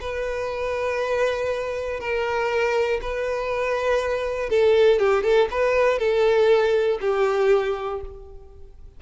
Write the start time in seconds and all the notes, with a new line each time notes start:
0.00 B4
2.00 A#4
3.01 B4
4.49 A4
4.99 G4
5.23 A4
5.50 B4
5.98 A4
7.00 G4